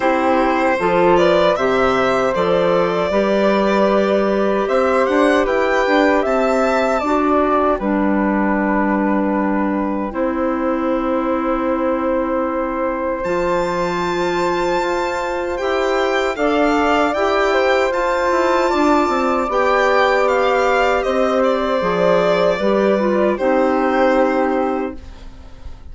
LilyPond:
<<
  \new Staff \with { instrumentName = "violin" } { \time 4/4 \tempo 4 = 77 c''4. d''8 e''4 d''4~ | d''2 e''8 fis''8 g''4 | a''4. g''2~ g''8~ | g''1~ |
g''4 a''2. | g''4 f''4 g''4 a''4~ | a''4 g''4 f''4 dis''8 d''8~ | d''2 c''2 | }
  \new Staff \with { instrumentName = "flute" } { \time 4/4 g'4 a'8 b'8 c''2 | b'2 c''4 b'4 | e''4 d''4 b'2~ | b'4 c''2.~ |
c''1~ | c''4 d''4. c''4. | d''2. c''4~ | c''4 b'4 g'2 | }
  \new Staff \with { instrumentName = "clarinet" } { \time 4/4 e'4 f'4 g'4 a'4 | g'1~ | g'4 fis'4 d'2~ | d'4 e'2.~ |
e'4 f'2. | g'4 a'4 g'4 f'4~ | f'4 g'2. | gis'4 g'8 f'8 dis'2 | }
  \new Staff \with { instrumentName = "bassoon" } { \time 4/4 c'4 f4 c4 f4 | g2 c'8 d'8 e'8 d'8 | c'4 d'4 g2~ | g4 c'2.~ |
c'4 f2 f'4 | e'4 d'4 e'4 f'8 e'8 | d'8 c'8 b2 c'4 | f4 g4 c'2 | }
>>